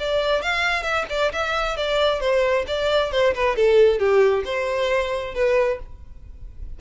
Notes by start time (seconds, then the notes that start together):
0.00 D5
0.42 F5
0.83 E5
1.10 D5
1.32 E5
1.77 D5
2.21 C5
2.68 D5
3.12 C5
3.35 B4
3.56 A4
3.99 G4
4.45 C5
5.34 B4